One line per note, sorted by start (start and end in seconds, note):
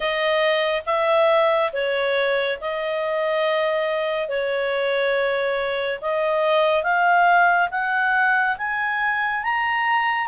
0.00 0.82 D#5
0.86 1.71 E5
1.73 2.58 C#5
2.60 4.28 D#5
4.28 5.99 C#5
6.01 6.83 D#5
6.83 7.69 F5
7.71 8.56 F#5
8.57 9.43 G#5
9.43 10.27 A#5